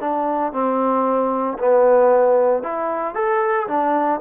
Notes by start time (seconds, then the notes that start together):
0.00 D4
0.53 C4
1.59 B3
2.63 E4
3.14 A4
3.67 D4